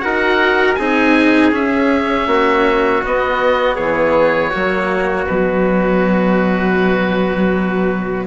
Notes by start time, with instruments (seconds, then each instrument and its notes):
0.00 bassoon D#4, cello F#4, trumpet A#4, oboe F#5
0.75 bassoon C4, cello D#4, trumpet G#4, oboe G#5
1.52 cello C#4, bassoon C#4, oboe E5
2.26 bassoon A#3, trumpet F#4
3.03 cello B3, bassoon B3, oboe D#5
3.75 bassoon E3, trumpet G#4, oboe C#5
4.50 bassoon F#3, cello A#3, trumpet F#4
5.25 bassoon B2, cello F#3, oboe B4